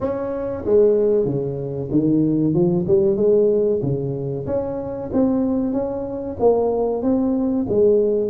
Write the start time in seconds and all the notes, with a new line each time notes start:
0.00 C#4
0.65 G#3
1.25 C#3
1.91 D#3
2.54 F3
2.87 G3
3.16 G#3
3.82 C#3
4.46 C#4
5.12 C4
5.72 C#4
6.39 A#3
7.02 C4
7.68 G#3